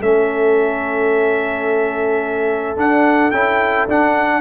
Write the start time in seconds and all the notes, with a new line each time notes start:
0.00 A3 C#4 A4 E5
2.76 D4 F#5
3.31 C#4 E4 G5
3.88 D4 F#5